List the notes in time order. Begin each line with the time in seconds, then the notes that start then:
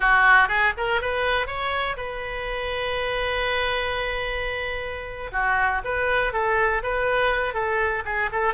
0.00 F#4
0.48 G#4
0.77 A#4
1.01 B4
1.47 C#5
1.96 B4
5.32 F#4
5.84 B4
6.32 A4
6.82 B4
7.53 A4
8.05 G#4
8.31 A4